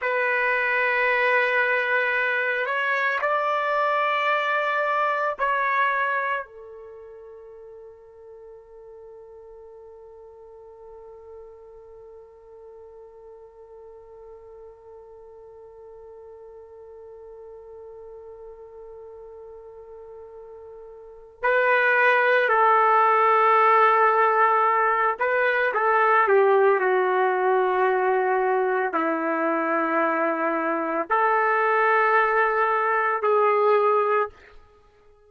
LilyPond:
\new Staff \with { instrumentName = "trumpet" } { \time 4/4 \tempo 4 = 56 b'2~ b'8 cis''8 d''4~ | d''4 cis''4 a'2~ | a'1~ | a'1~ |
a'1 | b'4 a'2~ a'8 b'8 | a'8 g'8 fis'2 e'4~ | e'4 a'2 gis'4 | }